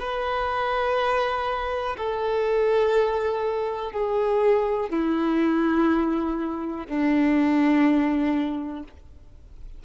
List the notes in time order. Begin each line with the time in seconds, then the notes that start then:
0.00 B4
1.98 A4
3.93 G#4
4.90 E4
6.87 D4